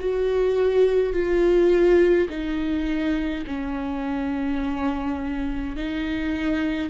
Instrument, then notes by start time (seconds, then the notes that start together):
viola
0.00 F#4
1.13 F4
2.30 D#4
3.47 C#4
5.77 D#4